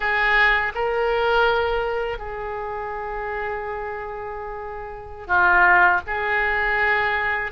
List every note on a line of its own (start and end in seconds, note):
0.00 0.72 G#4
0.75 2.18 A#4
2.18 5.27 G#4
5.27 6.00 F4
6.06 7.51 G#4